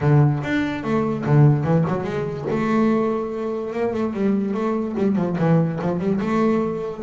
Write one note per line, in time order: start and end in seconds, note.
0.00 0.42 D3
0.43 0.83 D4
0.83 1.25 A3
1.25 1.64 D3
1.64 1.84 E3
1.87 2.03 F#3
2.03 2.45 G#3
2.50 3.73 A3
3.73 3.93 A#3
3.93 4.13 A3
4.13 4.54 G3
4.54 4.95 A3
4.97 5.15 G3
5.15 5.36 F3
5.38 5.79 E3
5.81 5.99 F3
5.99 6.20 G3
6.20 7.03 A3